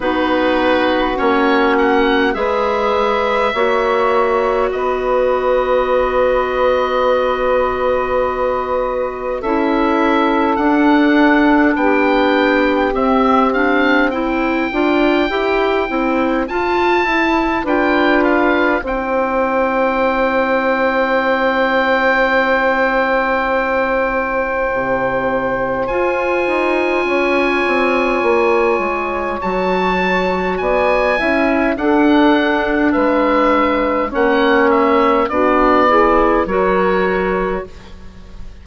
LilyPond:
<<
  \new Staff \with { instrumentName = "oboe" } { \time 4/4 \tempo 4 = 51 b'4 cis''8 fis''8 e''2 | dis''1 | e''4 fis''4 g''4 e''8 f''8 | g''2 a''4 g''8 f''8 |
g''1~ | g''2 gis''2~ | gis''4 a''4 gis''4 fis''4 | e''4 fis''8 e''8 d''4 cis''4 | }
  \new Staff \with { instrumentName = "saxophone" } { \time 4/4 fis'2 b'4 cis''4 | b'1 | a'2 g'2 | c''2. b'4 |
c''1~ | c''2. cis''4~ | cis''2 d''8 e''8 a'4 | b'4 cis''4 fis'8 gis'8 ais'4 | }
  \new Staff \with { instrumentName = "clarinet" } { \time 4/4 dis'4 cis'4 gis'4 fis'4~ | fis'1 | e'4 d'2 c'8 d'8 | e'8 f'8 g'8 e'8 f'8 e'8 f'4 |
e'1~ | e'2 f'2~ | f'4 fis'4. e'8 d'4~ | d'4 cis'4 d'8 e'8 fis'4 | }
  \new Staff \with { instrumentName = "bassoon" } { \time 4/4 b4 ais4 gis4 ais4 | b1 | cis'4 d'4 b4 c'4~ | c'8 d'8 e'8 c'8 f'8 e'8 d'4 |
c'1~ | c'4 c4 f'8 dis'8 cis'8 c'8 | ais8 gis8 fis4 b8 cis'8 d'4 | gis4 ais4 b4 fis4 | }
>>